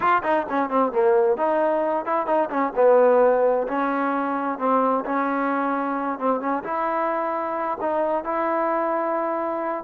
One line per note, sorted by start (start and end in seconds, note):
0.00 0.22 F4
0.23 0.46 D#4
0.49 0.69 C#4
0.69 0.92 C4
0.92 1.37 A#3
1.37 2.05 D#4
2.05 2.26 E4
2.26 2.49 D#4
2.49 2.72 C#4
2.75 3.67 B3
3.67 4.58 C#4
4.58 5.04 C4
5.05 6.18 C#4
6.18 6.40 C4
6.40 6.63 C#4
6.63 7.78 E4
7.80 8.24 D#4
8.24 9.84 E4